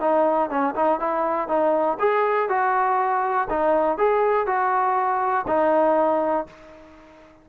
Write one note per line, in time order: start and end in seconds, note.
0.00 0.50 D#4
0.50 0.74 C#4
0.75 1.00 D#4
1.00 1.48 E4
1.48 1.97 D#4
1.99 2.49 G#4
2.49 3.48 F#4
3.50 3.98 D#4
3.98 4.47 G#4
4.47 5.46 F#4
5.47 6.46 D#4